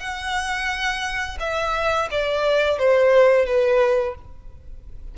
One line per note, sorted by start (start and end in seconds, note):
0.00 1.38 F#5
1.40 2.09 E5
2.11 2.79 D5
2.79 3.46 C5
3.46 4.15 B4